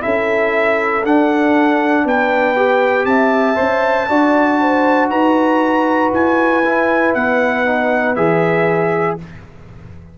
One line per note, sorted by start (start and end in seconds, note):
0.00 1.04 C#4
0.00 1.02 E4
0.00 2.05 A4
0.00 1.04 E5
1.04 2.05 D4
1.04 2.56 D4
1.04 2.07 F#5
2.05 3.05 B3
2.05 3.07 B4
2.05 3.05 G5
2.56 3.55 G4
3.05 3.56 C4
3.05 4.09 E5
3.05 5.08 A5
3.55 4.08 C#4
3.55 4.06 C5
4.08 5.10 D4
4.08 6.63 F#4
4.08 4.60 D5
4.60 5.10 C5
5.10 6.11 D#4
5.10 9.17 B4
5.10 6.11 A#5
6.12 7.14 E4
6.12 7.14 G#5
6.65 7.65 E4
7.14 8.16 B3
7.14 8.15 F#5
7.65 8.16 D#4
8.15 9.18 E3
8.15 9.18 G#4
8.15 9.17 E5